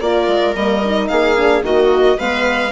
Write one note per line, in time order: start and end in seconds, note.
0.00 0.27 A#3
0.00 0.55 F4
0.00 1.10 A#4
0.00 0.54 D5
0.27 0.54 G#3
0.55 1.09 G3
0.55 0.82 A#3
0.55 1.08 D#5
0.84 1.36 D#4
1.08 1.62 A#3
1.08 1.64 G#4
1.08 1.62 F5
1.36 1.62 D4
1.62 2.16 D#3
1.62 2.17 A#3
1.62 2.18 F#4
1.62 2.19 D#5
2.18 2.71 G#3
2.18 2.71 B3
2.18 2.71 B4
2.18 2.71 F5